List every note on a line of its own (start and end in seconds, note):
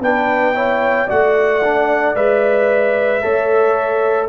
0.00 1.07 B3
0.00 0.54 D4
0.00 0.55 B4
0.00 1.10 G5
0.54 1.08 E4
0.54 1.07 C#5
1.07 2.16 A3
1.07 1.62 F#4
1.07 3.21 D5
1.07 2.16 F#5
1.64 2.16 D4
2.16 3.23 G#3
2.16 3.22 B4
2.16 4.29 E5
3.22 4.29 A3
3.22 4.29 A4
3.22 4.29 C#5